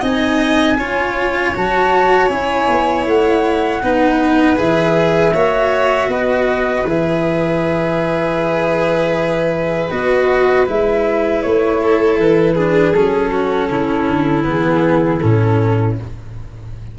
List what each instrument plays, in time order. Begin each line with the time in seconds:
0.00 tuba C4, cello D#4, violin D#5, flute G#5
0.77 tuba C#4, cello F4, violin C#5
1.55 tuba F#3, cello F#4, flute A5
2.28 tuba C#4, cello E4, flute G#5
2.68 tuba B3
3.06 tuba A3, flute F#5
3.82 tuba B3, cello D#4, violin B4
4.56 tuba E3, cello G#4, flute E5
5.33 tuba A#3, cello F#4, violin C#5
6.08 tuba B3, violin B4, flute D#5
6.84 tuba E3, cello G#4, flute E5
9.90 tuba B3, cello F#4, flute D#5
10.66 tuba G#3, cello E4, flute E5
11.42 tuba A3, flute C#5
11.82 violin A4
12.18 tuba E3, flute B4
12.54 cello D4, violin G#4
12.93 tuba F#3, cello C#4, flute A4
13.31 violin F#4
13.70 tuba C#3, violin E4
14.08 tuba D3
14.44 tuba E3, cello B3, flute G#4
15.20 tuba A2, cello C#4, flute A4